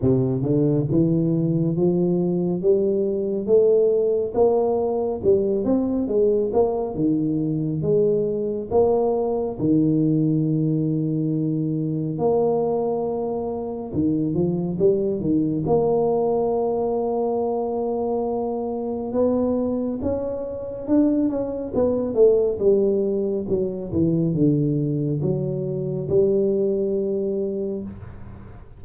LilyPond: \new Staff \with { instrumentName = "tuba" } { \time 4/4 \tempo 4 = 69 c8 d8 e4 f4 g4 | a4 ais4 g8 c'8 gis8 ais8 | dis4 gis4 ais4 dis4~ | dis2 ais2 |
dis8 f8 g8 dis8 ais2~ | ais2 b4 cis'4 | d'8 cis'8 b8 a8 g4 fis8 e8 | d4 fis4 g2 | }